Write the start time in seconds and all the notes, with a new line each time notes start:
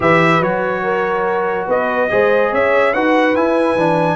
0.00 E3 G4 B4 E5
0.40 F#3 F#4 C#5
0.83 A#4
1.67 B3 B4 D#5
2.09 G#3 G#4 C5
2.51 C#4 C#5 E5
2.93 D#4 F#4 B4 F#5
3.35 E4 G#5
3.75 E3 D4